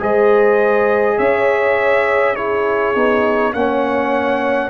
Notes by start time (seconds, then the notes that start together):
0.00 G#3 G#4 C5 D#5
1.18 C#4 C#5 E5
2.35 E4 G#4 C#5
2.95 B3 D#4
3.53 A#3 C#4 C#5 F#5